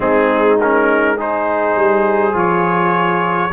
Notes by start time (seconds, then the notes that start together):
0.00 G#3 C4 D#4 G#4
0.60 C#4 A#4
1.16 D#4 G#4 C5
1.75 G3
2.33 F3 F4 C#5